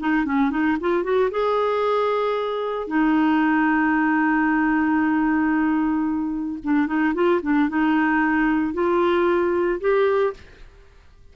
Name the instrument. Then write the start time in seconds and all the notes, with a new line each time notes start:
clarinet
0.00 D#4
0.25 C#4
0.51 D#4
0.81 F4
1.04 F#4
1.31 G#4
2.87 D#4
6.64 D4
6.87 D#4
7.14 F4
7.42 D4
7.69 D#4
8.74 F4
9.81 G4